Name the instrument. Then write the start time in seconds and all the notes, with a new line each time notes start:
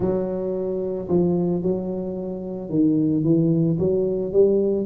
tuba
0.00 F#3
1.08 F3
1.62 F#3
2.69 D#3
3.23 E3
3.78 F#3
4.32 G3